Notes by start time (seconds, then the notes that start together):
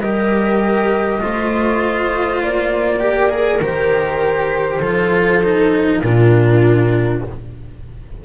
0.00 G3 G4 A#4 D#5
1.20 A3 F4 C5
2.42 A#3 D5
2.99 G4 A#4
3.29 G#4
3.60 D#3 G4 C5
4.79 F3 F4 A4
5.43 D#4
6.00 A#2 D4 F4 A#4